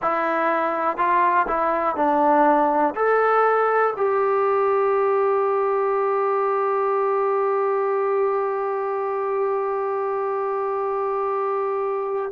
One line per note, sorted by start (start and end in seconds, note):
0.01 0.97 E4
0.97 1.46 F4
1.48 1.96 E4
1.96 2.94 D4
2.95 3.93 A4
3.96 12.32 G4